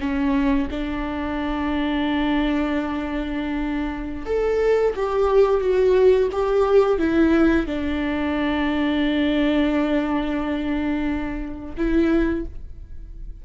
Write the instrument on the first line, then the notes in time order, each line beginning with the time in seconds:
viola
0.00 C#4
0.70 D4
4.26 A4
4.96 G4
5.61 F#4
6.32 G4
6.99 E4
7.66 D4
11.77 E4